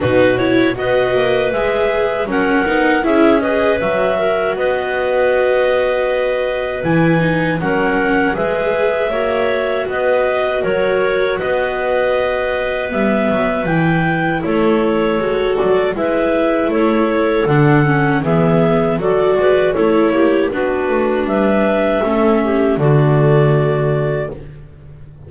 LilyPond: <<
  \new Staff \with { instrumentName = "clarinet" } { \time 4/4 \tempo 4 = 79 b'8 cis''8 dis''4 e''4 fis''4 | e''8 dis''8 e''4 dis''2~ | dis''4 gis''4 fis''4 e''4~ | e''4 dis''4 cis''4 dis''4~ |
dis''4 e''4 g''4 cis''4~ | cis''8 d''8 e''4 cis''4 fis''4 | e''4 d''4 cis''4 b'4 | e''2 d''2 | }
  \new Staff \with { instrumentName = "clarinet" } { \time 4/4 fis'4 b'2 ais'4 | gis'8 b'4 ais'8 b'2~ | b'2 ais'4 b'4 | cis''4 b'4 ais'4 b'4~ |
b'2. a'4~ | a'4 b'4 a'2 | gis'4 a'8 b'8 a'8 g'8 fis'4 | b'4 a'8 g'8 fis'2 | }
  \new Staff \with { instrumentName = "viola" } { \time 4/4 dis'8 e'8 fis'4 gis'4 cis'8 dis'8 | e'8 gis'8 fis'2.~ | fis'4 e'8 dis'8 cis'4 gis'4 | fis'1~ |
fis'4 b4 e'2 | fis'4 e'2 d'8 cis'8 | b4 fis'4 e'4 d'4~ | d'4 cis'4 a2 | }
  \new Staff \with { instrumentName = "double bass" } { \time 4/4 b,4 b8 ais8 gis4 fis8 b8 | cis'4 fis4 b2~ | b4 e4 fis4 gis4 | ais4 b4 fis4 b4~ |
b4 g8 fis8 e4 a4 | gis8 fis8 gis4 a4 d4 | e4 fis8 gis8 a8 ais8 b8 a8 | g4 a4 d2 | }
>>